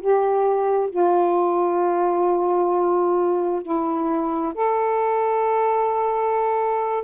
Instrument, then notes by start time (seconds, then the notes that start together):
saxophone
0.00 G4
0.90 F4
3.62 E4
4.54 A4